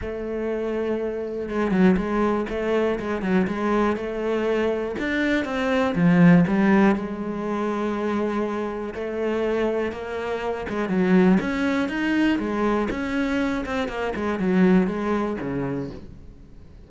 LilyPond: \new Staff \with { instrumentName = "cello" } { \time 4/4 \tempo 4 = 121 a2. gis8 fis8 | gis4 a4 gis8 fis8 gis4 | a2 d'4 c'4 | f4 g4 gis2~ |
gis2 a2 | ais4. gis8 fis4 cis'4 | dis'4 gis4 cis'4. c'8 | ais8 gis8 fis4 gis4 cis4 | }